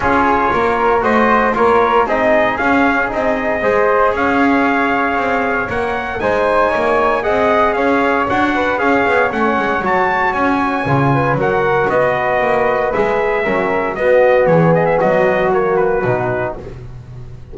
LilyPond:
<<
  \new Staff \with { instrumentName = "trumpet" } { \time 4/4 \tempo 4 = 116 cis''2 dis''4 cis''4 | dis''4 f''4 dis''2 | f''2. fis''4 | gis''2 fis''4 f''4 |
fis''4 f''4 fis''4 a''4 | gis''2 fis''4 dis''4~ | dis''4 e''2 dis''4 | cis''8 dis''16 e''16 dis''4 cis''8 b'4. | }
  \new Staff \with { instrumentName = "flute" } { \time 4/4 gis'4 ais'4 c''4 ais'4 | gis'2. c''4 | cis''1 | c''4 cis''4 dis''4 cis''4~ |
cis''8 b'8 cis''2.~ | cis''4. b'8 ais'4 b'4~ | b'2 ais'4 fis'4 | gis'4 fis'2. | }
  \new Staff \with { instrumentName = "trombone" } { \time 4/4 f'2 fis'4 f'4 | dis'4 cis'4 dis'4 gis'4~ | gis'2. ais'4 | dis'2 gis'2 |
fis'4 gis'4 cis'4 fis'4~ | fis'4 f'4 fis'2~ | fis'4 gis'4 cis'4 b4~ | b2 ais4 dis'4 | }
  \new Staff \with { instrumentName = "double bass" } { \time 4/4 cis'4 ais4 a4 ais4 | c'4 cis'4 c'4 gis4 | cis'2 c'4 ais4 | gis4 ais4 c'4 cis'4 |
d'4 cis'8 b8 a8 gis8 fis4 | cis'4 cis4 fis4 b4 | ais4 gis4 fis4 b4 | e4 fis2 b,4 | }
>>